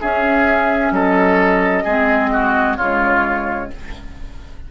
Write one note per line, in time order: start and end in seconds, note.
0.00 0.91 C#4
0.00 1.87 C#4
0.00 0.92 G#4
0.00 0.93 E5
0.91 1.83 F#3
0.91 1.83 A4
0.91 2.77 D#5
1.83 2.78 G#3
1.83 2.79 C4
1.83 2.29 G#4
2.33 2.77 F#4
2.77 3.70 C#3
2.77 3.71 G#3
2.77 3.69 F4
2.77 3.70 C#5